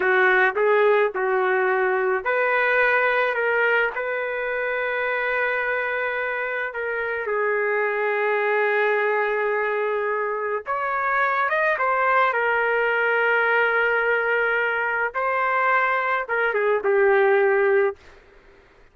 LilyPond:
\new Staff \with { instrumentName = "trumpet" } { \time 4/4 \tempo 4 = 107 fis'4 gis'4 fis'2 | b'2 ais'4 b'4~ | b'1 | ais'4 gis'2.~ |
gis'2. cis''4~ | cis''8 dis''8 c''4 ais'2~ | ais'2. c''4~ | c''4 ais'8 gis'8 g'2 | }